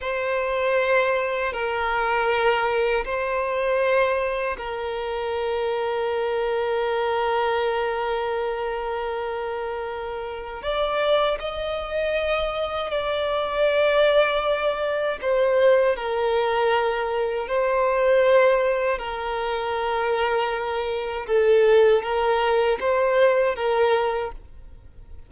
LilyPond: \new Staff \with { instrumentName = "violin" } { \time 4/4 \tempo 4 = 79 c''2 ais'2 | c''2 ais'2~ | ais'1~ | ais'2 d''4 dis''4~ |
dis''4 d''2. | c''4 ais'2 c''4~ | c''4 ais'2. | a'4 ais'4 c''4 ais'4 | }